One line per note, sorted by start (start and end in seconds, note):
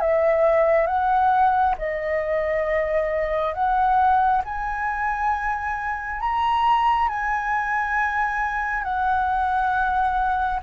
0.00 0.87 E5
0.87 1.75 F#5
1.78 3.54 D#5
3.54 4.42 F#5
4.44 6.20 G#5
6.20 7.08 A#5
7.08 8.83 G#5
8.83 10.60 F#5